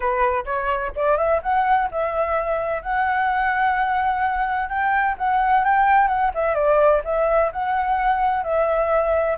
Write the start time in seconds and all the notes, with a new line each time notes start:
0.00 B4
0.45 C#5
0.95 D5
1.17 E5
1.42 F#5
1.91 E5
2.82 F#5
4.69 G5
5.18 F#5
5.64 G5
6.07 F#5
6.34 E5
6.54 D5
7.04 E5
7.52 F#5
8.43 E5